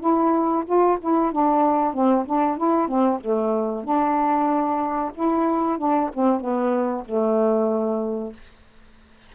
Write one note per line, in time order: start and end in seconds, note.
0.00 0.64 E4
0.66 0.98 F4
1.01 1.32 E4
1.32 1.94 D4
1.94 2.26 C4
2.26 2.57 D4
2.57 2.88 E4
2.88 3.20 C4
3.21 3.84 A3
3.84 5.12 D4
5.15 5.78 E4
5.78 6.10 D4
6.14 6.40 C4
6.40 7.04 B3
7.05 8.33 A3